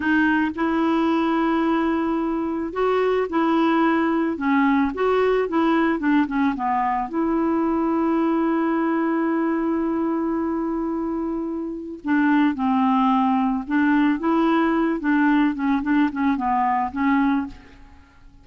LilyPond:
\new Staff \with { instrumentName = "clarinet" } { \time 4/4 \tempo 4 = 110 dis'4 e'2.~ | e'4 fis'4 e'2 | cis'4 fis'4 e'4 d'8 cis'8 | b4 e'2.~ |
e'1~ | e'2 d'4 c'4~ | c'4 d'4 e'4. d'8~ | d'8 cis'8 d'8 cis'8 b4 cis'4 | }